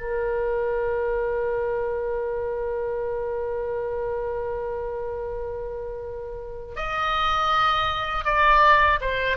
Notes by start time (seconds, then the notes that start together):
0.00 A#4
6.76 D#5
8.25 D5
9.01 C5